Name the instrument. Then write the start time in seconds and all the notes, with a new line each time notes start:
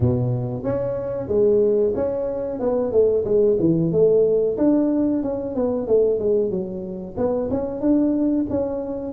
tuba
0.00 B2
0.63 C#4
1.27 G#3
1.95 C#4
2.59 B3
2.92 A3
3.24 G#3
3.59 E3
3.92 A3
4.57 D4
5.22 C#4
5.55 B3
5.87 A3
6.19 G#3
6.50 F#3
7.17 B3
7.50 C#4
7.80 D4
8.50 C#4